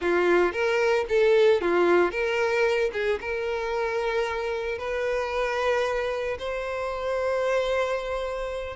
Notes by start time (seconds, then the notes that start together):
0.01 F4
0.52 A#4
1.08 A4
1.61 F4
2.11 A#4
2.92 G#4
3.21 A#4
4.78 B4
6.38 C5